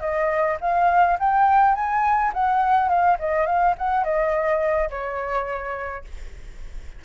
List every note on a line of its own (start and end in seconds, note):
0.00 0.57 D#5
0.61 1.18 F5
1.19 1.75 G5
1.75 2.32 G#5
2.34 2.89 F#5
2.89 3.17 F5
3.19 3.46 D#5
3.46 3.75 F5
3.78 4.04 F#5
4.04 4.90 D#5
4.90 6.04 C#5